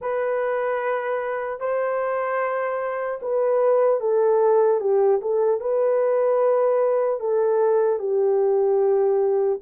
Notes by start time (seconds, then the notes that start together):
0.01 B4
1.60 C5
3.22 B4
4.00 A4
4.80 G4
5.21 A4
5.60 B4
7.20 A4
7.99 G4